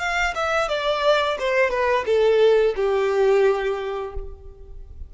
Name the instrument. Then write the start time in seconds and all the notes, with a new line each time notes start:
violin
0.00 F5
0.35 E5
0.69 D5
1.39 C5
1.71 B4
2.06 A4
2.76 G4